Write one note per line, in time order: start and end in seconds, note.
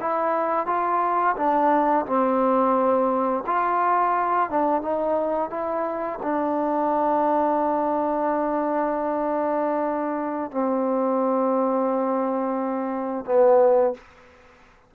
0.00 0.66 E4
0.66 1.35 F4
1.36 2.05 D4
2.06 3.44 C4
3.46 4.50 F4
4.50 4.81 D4
4.81 5.50 D#4
5.50 6.19 E4
6.22 10.51 D4
10.51 13.25 C4
13.25 13.94 B3